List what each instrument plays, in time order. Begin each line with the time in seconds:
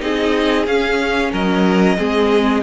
0.00 cello C4, viola D#4, violin G#4 D#5
0.66 cello C#4, viola C#4, violin F5
1.32 cello F#3, violin A#4 D#5
1.98 cello G#3, viola C4, violin G#4